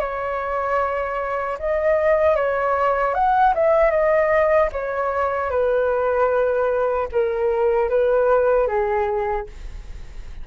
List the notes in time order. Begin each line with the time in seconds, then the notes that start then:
0.00 C#5
1.59 D#5
2.36 C#5
3.14 F#5
3.55 E5
3.90 D#5
4.72 C#5
5.50 B4
7.12 A#4
7.89 B4
8.67 G#4